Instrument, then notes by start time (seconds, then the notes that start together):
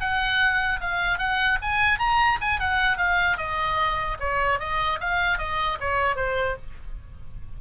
oboe
0.00 F#5
0.80 F5
1.18 F#5
1.61 G#5
1.99 A#5
2.41 G#5
2.60 F#5
2.97 F5
3.37 D#5
4.19 C#5
4.59 D#5
5.00 F5
5.38 D#5
5.80 C#5
6.15 C5